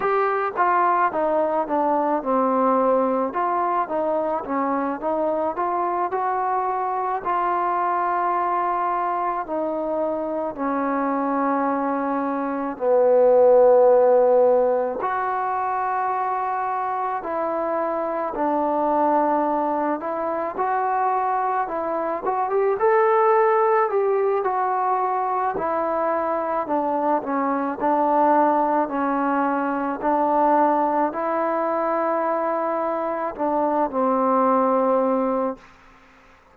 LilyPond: \new Staff \with { instrumentName = "trombone" } { \time 4/4 \tempo 4 = 54 g'8 f'8 dis'8 d'8 c'4 f'8 dis'8 | cis'8 dis'8 f'8 fis'4 f'4.~ | f'8 dis'4 cis'2 b8~ | b4. fis'2 e'8~ |
e'8 d'4. e'8 fis'4 e'8 | fis'16 g'16 a'4 g'8 fis'4 e'4 | d'8 cis'8 d'4 cis'4 d'4 | e'2 d'8 c'4. | }